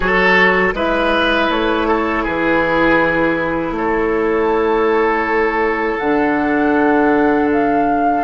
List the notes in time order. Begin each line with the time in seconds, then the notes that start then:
0.00 F#3 F#4 A4 C#5
0.73 G#3 E4 B4 E5
1.49 A3 C#5
1.88 A4
2.23 E3 G#4 B4
3.71 A3 C#5
3.77 A4
5.98 D3 D4 F#5
7.52 F5